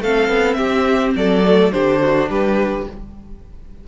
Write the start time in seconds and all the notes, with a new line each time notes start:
0.00 A3 C4 A4 F5
0.29 B3
0.54 C4 G4 E5
1.15 F#3 A4 D5
1.43 A3
1.72 D3 D4 G4 C5
2.02 F#4
2.30 G3 G4 B4